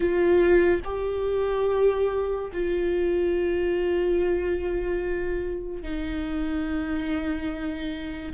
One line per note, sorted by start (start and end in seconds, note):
0.00 0.80 F4
0.84 2.51 G4
2.52 5.82 F4
5.82 8.32 D#4